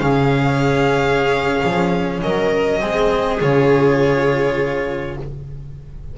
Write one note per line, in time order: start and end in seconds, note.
0.00 1.62 C#3
0.00 2.80 C#4
0.00 2.23 G#4
0.00 2.21 F5
1.64 2.23 F3
2.22 2.83 F#3
2.22 2.81 A#4
2.22 3.40 D#5
2.80 3.41 G#3
2.80 3.39 C4
2.80 5.16 G#4
3.41 5.18 C#3
3.41 5.17 F4
3.41 5.18 C#5